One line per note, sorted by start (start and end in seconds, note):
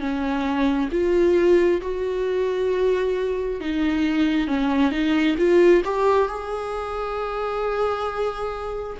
0.00 0.90 C#4
0.92 1.82 F4
1.82 3.61 F#4
3.61 4.48 D#4
4.48 4.91 C#4
4.91 5.36 D#4
5.38 5.83 F4
5.85 6.28 G4
6.28 8.97 G#4